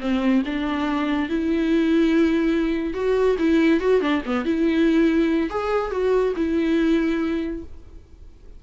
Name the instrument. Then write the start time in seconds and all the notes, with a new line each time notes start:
viola
0.00 C4
0.45 D4
1.29 E4
2.94 F#4
3.38 E4
3.80 F#4
4.01 D4
4.26 B3
4.45 E4
5.50 G#4
5.91 F#4
6.36 E4